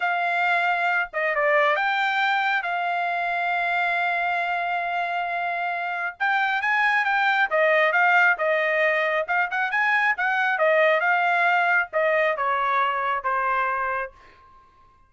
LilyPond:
\new Staff \with { instrumentName = "trumpet" } { \time 4/4 \tempo 4 = 136 f''2~ f''8 dis''8 d''4 | g''2 f''2~ | f''1~ | f''2 g''4 gis''4 |
g''4 dis''4 f''4 dis''4~ | dis''4 f''8 fis''8 gis''4 fis''4 | dis''4 f''2 dis''4 | cis''2 c''2 | }